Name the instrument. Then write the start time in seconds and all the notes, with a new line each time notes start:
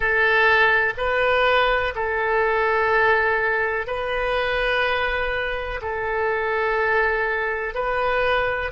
oboe
0.00 A4
0.97 B4
1.95 A4
3.86 B4
5.81 A4
7.74 B4